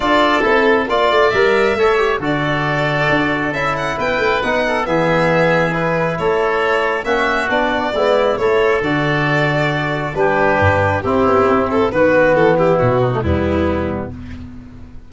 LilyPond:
<<
  \new Staff \with { instrumentName = "violin" } { \time 4/4 \tempo 4 = 136 d''4 a'4 d''4 e''4~ | e''4 d''2. | e''8 fis''8 g''4 fis''4 e''4~ | e''4 b'4 cis''2 |
e''4 d''2 cis''4 | d''2. b'4~ | b'4 g'4. a'8 b'4 | a'8 g'8 fis'4 e'2 | }
  \new Staff \with { instrumentName = "oboe" } { \time 4/4 a'2 d''2 | cis''4 a'2.~ | a'4 b'4. a'8 gis'4~ | gis'2 a'2 |
fis'2 e'4 a'4~ | a'2. g'4~ | g'4 e'2 fis'4~ | fis'8 e'4 dis'8 b2 | }
  \new Staff \with { instrumentName = "trombone" } { \time 4/4 f'4 e'4 f'4 ais'4 | a'8 g'8 fis'2. | e'2 dis'4 b4~ | b4 e'2. |
cis'4 d'4 b4 e'4 | fis'2. d'4~ | d'4 c'2 b4~ | b4.~ b16 a16 g2 | }
  \new Staff \with { instrumentName = "tuba" } { \time 4/4 d'4 c'4 ais8 a8 g4 | a4 d2 d'4 | cis'4 b8 a8 b4 e4~ | e2 a2 |
ais4 b4 gis4 a4 | d2. g4 | g,4 c'8 b8 c'4 dis4 | e4 b,4 e,2 | }
>>